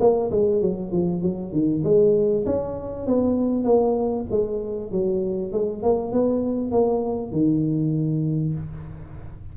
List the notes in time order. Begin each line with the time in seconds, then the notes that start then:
0.00 A#3
0.31 G#3
0.62 F#3
0.92 F3
1.22 F#3
1.53 D#3
1.84 G#3
2.46 C#4
3.07 B3
3.65 A#3
4.31 G#3
4.92 F#3
5.52 G#3
5.83 A#3
6.12 B3
6.72 A#3
7.32 D#3